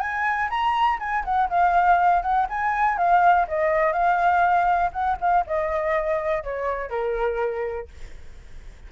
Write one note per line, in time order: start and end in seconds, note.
0.00 0.49 G#5
0.50 0.99 A#5
1.00 1.24 G#5
1.25 1.49 F#5
1.50 2.22 F5
2.22 2.47 F#5
2.50 2.98 G#5
2.98 3.47 F5
3.48 3.93 D#5
3.93 4.91 F5
4.93 5.17 F#5
5.21 5.45 F5
5.47 6.44 D#5
6.44 6.90 C#5
6.90 7.88 A#4